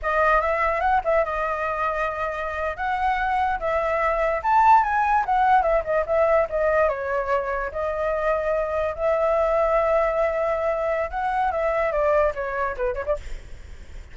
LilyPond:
\new Staff \with { instrumentName = "flute" } { \time 4/4 \tempo 4 = 146 dis''4 e''4 fis''8 e''8 dis''4~ | dis''2~ dis''8. fis''4~ fis''16~ | fis''8. e''2 a''4 gis''16~ | gis''8. fis''4 e''8 dis''8 e''4 dis''16~ |
dis''8. cis''2 dis''4~ dis''16~ | dis''4.~ dis''16 e''2~ e''16~ | e''2. fis''4 | e''4 d''4 cis''4 b'8 cis''16 d''16 | }